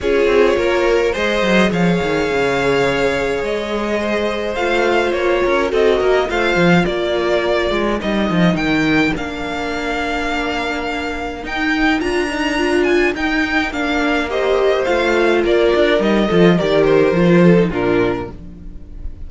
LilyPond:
<<
  \new Staff \with { instrumentName = "violin" } { \time 4/4 \tempo 4 = 105 cis''2 dis''4 f''4~ | f''2 dis''2 | f''4 cis''4 dis''4 f''4 | d''2 dis''4 g''4 |
f''1 | g''4 ais''4. gis''8 g''4 | f''4 dis''4 f''4 d''4 | dis''4 d''8 c''4. ais'4 | }
  \new Staff \with { instrumentName = "violin" } { \time 4/4 gis'4 ais'4 c''4 cis''4~ | cis''2. c''4~ | c''4. ais'8 a'8 ais'8 c''4 | ais'1~ |
ais'1~ | ais'1~ | ais'4 c''2 ais'4~ | ais'8 a'8 ais'4. a'8 f'4 | }
  \new Staff \with { instrumentName = "viola" } { \time 4/4 f'2 gis'2~ | gis'1 | f'2 fis'4 f'4~ | f'2 dis'2 |
d'1 | dis'4 f'8 dis'8 f'4 dis'4 | d'4 g'4 f'2 | dis'8 f'8 g'4 f'8. dis'16 d'4 | }
  \new Staff \with { instrumentName = "cello" } { \time 4/4 cis'8 c'8 ais4 gis8 fis8 f8 dis8 | cis2 gis2 | a4 ais8 cis'8 c'8 ais8 a8 f8 | ais4. gis8 g8 f8 dis4 |
ais1 | dis'4 d'2 dis'4 | ais2 a4 ais8 d'8 | g8 f8 dis4 f4 ais,4 | }
>>